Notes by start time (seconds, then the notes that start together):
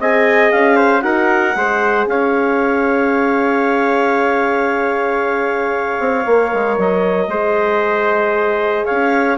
0.00 C4 G#4 D#5 G#5
0.52 C#4 F5
0.77 C5
1.02 D#4 F#4 A#4 F#5
1.56 G#3 G#4 C5
2.07 C#4 C#5 F5
6.00 C4
6.26 A#3 A#4
6.53 G#3
6.78 F#3 D#5
7.28 G#3 G#4 C5
8.86 C#4 C#5 F5